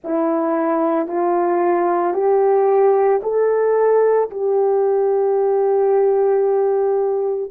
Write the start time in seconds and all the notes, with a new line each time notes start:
0.04 E4
1.07 F4
2.13 G4
3.22 A4
4.30 G4